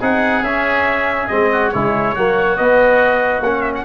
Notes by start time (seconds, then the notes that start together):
0.00 C4 D#4 G#4 F#5
0.42 C#4 E5
1.27 G#3 C4 D#5
1.52 F#4
1.71 C#3 G#3 E4 C#5
2.14 F#3 A#3 F#4
2.56 B3 D#5
3.40 A#3 C#4 F#5
3.61 E5
3.75 F#5